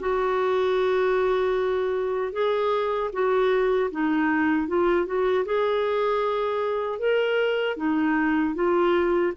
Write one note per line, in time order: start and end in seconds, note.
0.00 2.32 F#4
2.32 3.10 G#4
3.12 3.90 F#4
3.91 4.67 D#4
4.67 5.06 F4
5.06 5.45 F#4
5.45 6.98 G#4
6.98 7.76 A#4
7.76 8.55 D#4
8.55 9.33 F4